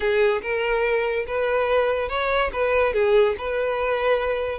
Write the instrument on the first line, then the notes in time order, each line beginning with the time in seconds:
violin
0.00 G#4
0.41 A#4
1.26 B4
2.08 C#5
2.53 B4
2.93 G#4
3.37 B4